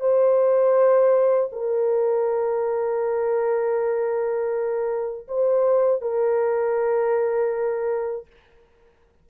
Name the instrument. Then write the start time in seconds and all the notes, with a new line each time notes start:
horn
0.00 C5
1.52 A#4
5.28 C5
6.01 A#4